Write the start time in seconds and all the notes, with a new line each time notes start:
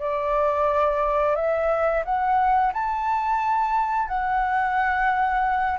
0.00 D5
1.36 E5
2.05 F#5
2.73 A5
4.08 F#5